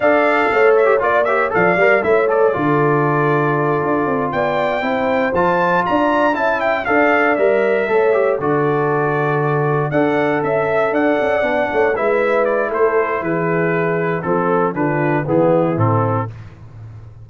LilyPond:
<<
  \new Staff \with { instrumentName = "trumpet" } { \time 4/4 \tempo 4 = 118 f''4. e''8 d''8 e''8 f''4 | e''8 d''2.~ d''8~ | d''8 g''2 a''4 ais''8~ | ais''8 a''8 g''8 f''4 e''4.~ |
e''8 d''2. fis''8~ | fis''8 e''4 fis''2 e''8~ | e''8 d''8 c''4 b'2 | a'4 b'4 gis'4 a'4 | }
  \new Staff \with { instrumentName = "horn" } { \time 4/4 d''4 cis''4 d''8 cis''8 d''4 | cis''4 a'2.~ | a'8 d''4 c''2 d''8~ | d''8 e''4 d''2 cis''8~ |
cis''8 a'2. d''8~ | d''8 e''4 d''4. cis''8 b'8~ | b'4 a'4 gis'2 | a'4 f'4 e'2 | }
  \new Staff \with { instrumentName = "trombone" } { \time 4/4 a'4.~ a'16 g'16 f'8 g'8 a'8 ais'8 | e'8 a'8 f'2.~ | f'4. e'4 f'4.~ | f'8 e'4 a'4 ais'4 a'8 |
g'8 fis'2. a'8~ | a'2~ a'8 d'4 e'8~ | e'1 | c'4 d'4 b4 c'4 | }
  \new Staff \with { instrumentName = "tuba" } { \time 4/4 d'4 a4 ais4 f8 g8 | a4 d2~ d8 d'8 | c'8 b4 c'4 f4 d'8~ | d'8 cis'4 d'4 g4 a8~ |
a8 d2. d'8~ | d'8 cis'4 d'8 cis'8 b8 a8 gis8~ | gis4 a4 e2 | f4 d4 e4 a,4 | }
>>